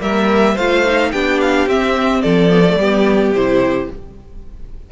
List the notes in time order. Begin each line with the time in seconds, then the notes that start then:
0.00 G3 A#3 A#4 E5
0.54 A3 F4 C5 F5
0.85 D#4
1.11 B3 D4 G4 G5
1.40 F5
1.67 C4 E5
2.22 F3 A4 D5
2.49 B3
2.66 A3
2.76 G3 B3 G4
3.31 C3 E4 C5